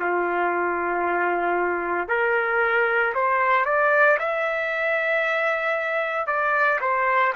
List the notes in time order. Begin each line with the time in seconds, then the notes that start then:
0.00 F4
2.09 A#4
3.14 C5
3.66 D5
4.19 E5
6.27 D5
6.81 C5